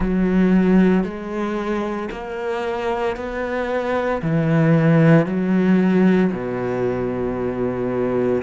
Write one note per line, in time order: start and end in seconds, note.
0.00 1.03 F#3
1.03 2.09 G#3
2.11 3.16 A#3
3.16 4.21 B3
4.22 5.25 E3
5.25 6.31 F#3
6.32 8.42 B2